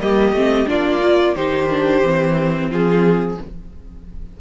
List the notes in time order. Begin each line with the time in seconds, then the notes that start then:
0.00 G3 A#3 G4 D#5
0.32 A3 C4
0.66 A#3 D4 F4 D5
1.02 F4
1.35 D#3 D#4 G4 C5
1.70 D4
2.03 E3 C4
2.69 F3 F4 G#4